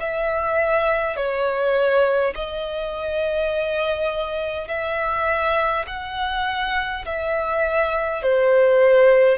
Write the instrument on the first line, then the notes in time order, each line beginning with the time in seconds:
violin
0.00 E5
1.17 C#5
2.35 D#5
4.68 E5
5.88 F#5
7.06 E5
8.23 C5